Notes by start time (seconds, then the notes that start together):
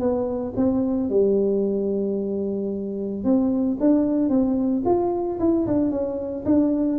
0.00 B3
0.57 C4
1.10 G3
3.24 C4
3.80 D4
4.30 C4
4.86 F4
5.40 E4
5.67 D4
5.91 C#4
6.46 D4